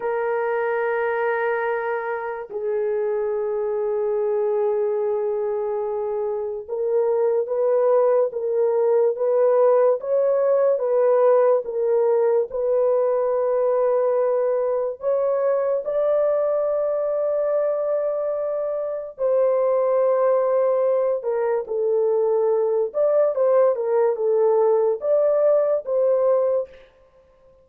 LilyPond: \new Staff \with { instrumentName = "horn" } { \time 4/4 \tempo 4 = 72 ais'2. gis'4~ | gis'1 | ais'4 b'4 ais'4 b'4 | cis''4 b'4 ais'4 b'4~ |
b'2 cis''4 d''4~ | d''2. c''4~ | c''4. ais'8 a'4. d''8 | c''8 ais'8 a'4 d''4 c''4 | }